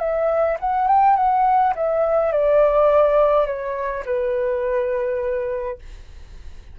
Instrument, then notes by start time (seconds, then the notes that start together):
flute
0.00 E5
0.60 F#5
0.88 G5
1.16 F#5
1.76 E5
2.32 D5
3.47 C#5
4.06 B4